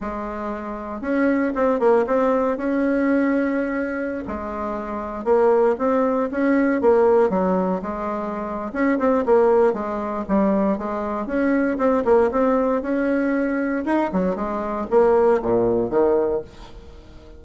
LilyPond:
\new Staff \with { instrumentName = "bassoon" } { \time 4/4 \tempo 4 = 117 gis2 cis'4 c'8 ais8 | c'4 cis'2.~ | cis'16 gis2 ais4 c'8.~ | c'16 cis'4 ais4 fis4 gis8.~ |
gis4 cis'8 c'8 ais4 gis4 | g4 gis4 cis'4 c'8 ais8 | c'4 cis'2 dis'8 fis8 | gis4 ais4 ais,4 dis4 | }